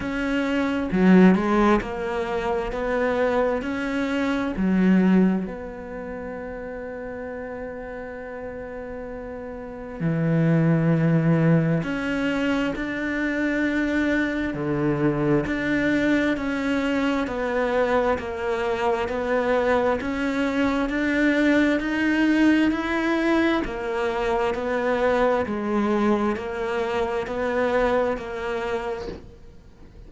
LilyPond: \new Staff \with { instrumentName = "cello" } { \time 4/4 \tempo 4 = 66 cis'4 fis8 gis8 ais4 b4 | cis'4 fis4 b2~ | b2. e4~ | e4 cis'4 d'2 |
d4 d'4 cis'4 b4 | ais4 b4 cis'4 d'4 | dis'4 e'4 ais4 b4 | gis4 ais4 b4 ais4 | }